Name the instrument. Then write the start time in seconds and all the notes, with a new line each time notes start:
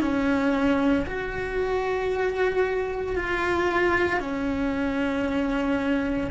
cello
0.00 C#4
1.06 F#4
3.16 F4
4.20 C#4